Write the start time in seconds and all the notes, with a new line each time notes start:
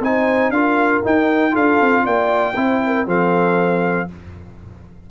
0.00 C4 D#4 C5 G#5
0.49 D4 F4 A#4 F5
1.03 D#4 G5
1.51 D4 F4 A4 F5
1.80 C4
2.04 A#3 D5 G5
2.55 C4 E4 C5
2.85 A#4
3.06 F3 C4 A4 F5